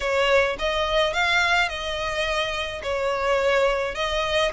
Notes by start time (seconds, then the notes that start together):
0.00 C#5
0.58 D#5
1.13 F5
1.69 D#5
2.83 C#5
3.95 D#5